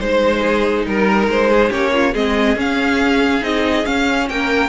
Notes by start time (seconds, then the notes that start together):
0.00 G#3 D#4 C5
0.41 G#4
0.87 G3 A#4
1.28 G#3 C5
1.51 G#4
1.70 A#3 C#4 G4 C#5
1.94 F4
2.13 G#3 C4 G#4 D#5
2.56 C#4 F5
3.42 C4 D#4 D#5
3.85 C#4 F5
4.29 A#3 A#4 G5